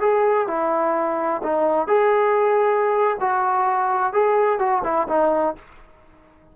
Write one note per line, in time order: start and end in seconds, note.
0.00 0.47 G#4
0.47 1.42 E4
1.43 1.87 D#4
1.87 3.17 G#4
3.20 4.13 F#4
4.13 4.58 G#4
4.58 4.82 F#4
4.84 5.07 E4
5.08 5.55 D#4